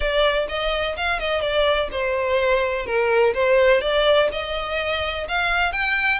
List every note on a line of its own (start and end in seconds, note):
0.00 0.47 D5
0.48 0.96 D#5
0.97 1.19 F5
1.19 1.41 D#5
1.41 1.89 D5
1.91 2.85 C5
2.85 3.33 A#4
3.34 3.81 C5
3.81 4.29 D5
4.32 5.27 D#5
5.28 5.72 F5
5.72 6.20 G5